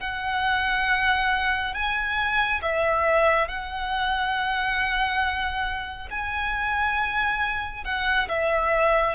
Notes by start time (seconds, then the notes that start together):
0.00 F#5
1.74 G#5
2.62 E5
3.48 F#5
6.10 G#5
7.85 F#5
8.28 E5